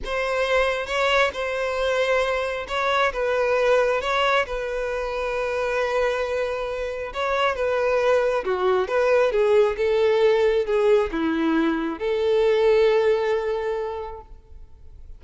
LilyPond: \new Staff \with { instrumentName = "violin" } { \time 4/4 \tempo 4 = 135 c''2 cis''4 c''4~ | c''2 cis''4 b'4~ | b'4 cis''4 b'2~ | b'1 |
cis''4 b'2 fis'4 | b'4 gis'4 a'2 | gis'4 e'2 a'4~ | a'1 | }